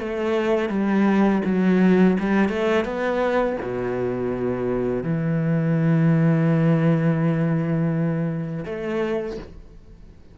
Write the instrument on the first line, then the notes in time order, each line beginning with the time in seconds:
cello
0.00 A3
0.70 G3
1.45 F#3
2.20 G3
2.49 A3
2.85 B3
3.62 B2
5.04 E3
8.66 A3